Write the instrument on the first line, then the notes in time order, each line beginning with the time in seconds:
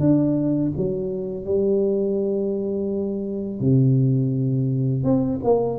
tuba
0.00 D4
0.77 F#3
1.45 G3
3.60 C3
5.04 C4
5.44 A#3